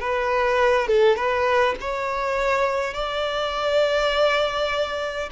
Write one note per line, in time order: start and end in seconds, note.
0.00 0.87 B4
0.87 1.16 A4
1.16 1.75 B4
1.80 2.94 C#5
2.94 5.29 D5